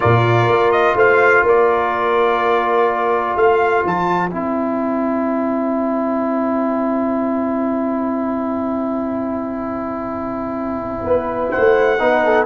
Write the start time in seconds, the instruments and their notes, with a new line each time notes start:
0.00 tuba A#2, trombone F4, horn A#4, trumpet D5
0.48 tuba A#3
0.71 trumpet D#5
0.95 tuba A3, horn C5, trumpet F5
1.42 tuba A#3, horn A#4, trumpet D5
3.35 tuba A3, horn C5, trumpet F5
3.85 tuba F3, trumpet A5
4.29 tuba C4, trombone E4, trumpet G5
11.03 tuba B3, horn B4
11.50 horn C5, trumpet F#5
11.57 tuba A3
11.98 tuba B3, trombone D#4, horn B4
12.24 horn A4